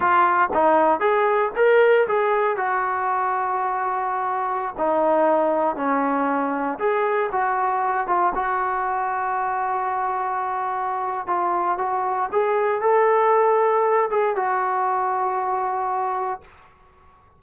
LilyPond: \new Staff \with { instrumentName = "trombone" } { \time 4/4 \tempo 4 = 117 f'4 dis'4 gis'4 ais'4 | gis'4 fis'2.~ | fis'4~ fis'16 dis'2 cis'8.~ | cis'4~ cis'16 gis'4 fis'4. f'16~ |
f'16 fis'2.~ fis'8.~ | fis'2 f'4 fis'4 | gis'4 a'2~ a'8 gis'8 | fis'1 | }